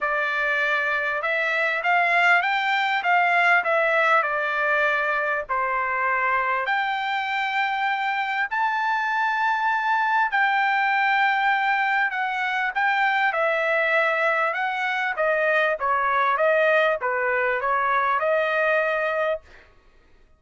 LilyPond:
\new Staff \with { instrumentName = "trumpet" } { \time 4/4 \tempo 4 = 99 d''2 e''4 f''4 | g''4 f''4 e''4 d''4~ | d''4 c''2 g''4~ | g''2 a''2~ |
a''4 g''2. | fis''4 g''4 e''2 | fis''4 dis''4 cis''4 dis''4 | b'4 cis''4 dis''2 | }